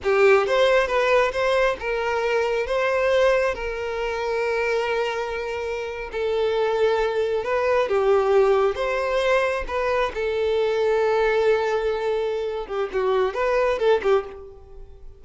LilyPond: \new Staff \with { instrumentName = "violin" } { \time 4/4 \tempo 4 = 135 g'4 c''4 b'4 c''4 | ais'2 c''2 | ais'1~ | ais'4.~ ais'16 a'2~ a'16~ |
a'8. b'4 g'2 c''16~ | c''4.~ c''16 b'4 a'4~ a'16~ | a'1~ | a'8 g'8 fis'4 b'4 a'8 g'8 | }